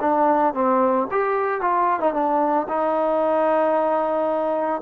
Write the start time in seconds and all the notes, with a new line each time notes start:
0.00 D4
0.54 C4
1.11 G4
1.61 F4
2.00 D#4
2.13 D4
2.68 D#4